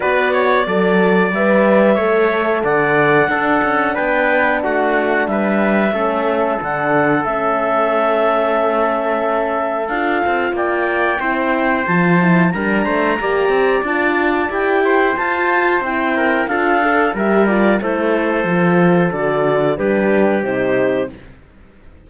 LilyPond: <<
  \new Staff \with { instrumentName = "clarinet" } { \time 4/4 \tempo 4 = 91 d''2 e''2 | fis''2 g''4 fis''4 | e''2 fis''4 e''4~ | e''2. f''4 |
g''2 a''4 ais''4~ | ais''4 a''4 g''4 a''4 | g''4 f''4 e''8 d''8 c''4~ | c''4 d''4 b'4 c''4 | }
  \new Staff \with { instrumentName = "trumpet" } { \time 4/4 b'8 cis''8 d''2 cis''4 | d''4 a'4 b'4 fis'4 | b'4 a'2.~ | a'1 |
d''4 c''2 ais'8 c''8 | d''2~ d''8 c''4.~ | c''8 ais'8 a'4 ais'4 a'4~ | a'2 g'2 | }
  \new Staff \with { instrumentName = "horn" } { \time 4/4 fis'4 a'4 b'4 a'4~ | a'4 d'2.~ | d'4 cis'4 d'4 cis'4~ | cis'2. f'4~ |
f'4 e'4 f'8 e'8 d'4 | g'4 f'4 g'4 f'4 | e'4 f'8 a'8 g'8 f'8 e'4 | f'4 fis'4 d'4 dis'4 | }
  \new Staff \with { instrumentName = "cello" } { \time 4/4 b4 fis4 g4 a4 | d4 d'8 cis'8 b4 a4 | g4 a4 d4 a4~ | a2. d'8 c'8 |
ais4 c'4 f4 g8 a8 | ais8 c'8 d'4 e'4 f'4 | c'4 d'4 g4 a4 | f4 d4 g4 c4 | }
>>